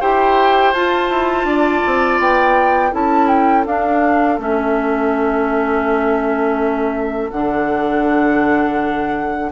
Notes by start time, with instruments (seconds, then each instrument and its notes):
0.00 bassoon E4, clarinet G4, oboe C5, flute G5
0.73 bassoon F4, clarinet F4, flute A5
1.09 bassoon E4
1.44 bassoon D4, oboe D5
1.86 bassoon C4
2.19 bassoon B3, flute G5
2.91 bassoon C#4, clarinet E4, oboe A4, flute A5
3.28 flute G5
3.66 bassoon D4, clarinet D4, flute F5
4.38 bassoon A3, clarinet C#4, flute E5
7.31 bassoon D3, clarinet D4, flute F#5